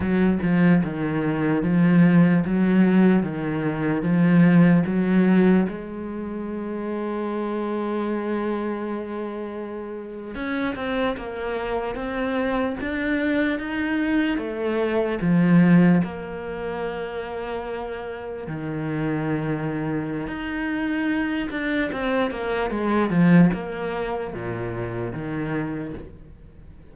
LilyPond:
\new Staff \with { instrumentName = "cello" } { \time 4/4 \tempo 4 = 74 fis8 f8 dis4 f4 fis4 | dis4 f4 fis4 gis4~ | gis1~ | gis8. cis'8 c'8 ais4 c'4 d'16~ |
d'8. dis'4 a4 f4 ais16~ | ais2~ ais8. dis4~ dis16~ | dis4 dis'4. d'8 c'8 ais8 | gis8 f8 ais4 ais,4 dis4 | }